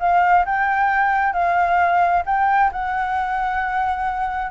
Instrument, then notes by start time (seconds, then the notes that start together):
flute
0.00 F5
0.46 G5
1.33 F5
2.26 G5
2.72 F#5